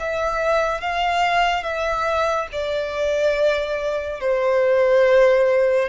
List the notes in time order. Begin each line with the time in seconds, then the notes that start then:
0.00 E5
0.81 F5
1.63 E5
2.52 D5
4.20 C5